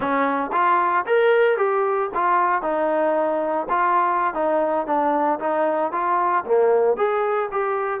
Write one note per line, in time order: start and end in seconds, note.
0.00 0.50 C#4
0.52 1.05 F4
1.06 1.57 A#4
1.57 2.10 G4
2.14 2.61 F4
2.61 3.67 D#4
3.69 4.34 F4
4.34 4.86 D#4
4.86 5.39 D4
5.39 5.91 D#4
5.91 6.44 F4
6.45 6.96 A#3
6.96 7.49 G#4
7.51 8.00 G4